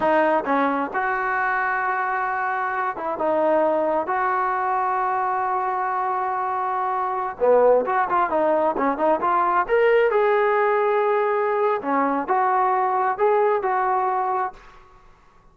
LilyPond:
\new Staff \with { instrumentName = "trombone" } { \time 4/4 \tempo 4 = 132 dis'4 cis'4 fis'2~ | fis'2~ fis'8 e'8 dis'4~ | dis'4 fis'2.~ | fis'1~ |
fis'16 b4 fis'8 f'8 dis'4 cis'8 dis'16~ | dis'16 f'4 ais'4 gis'4.~ gis'16~ | gis'2 cis'4 fis'4~ | fis'4 gis'4 fis'2 | }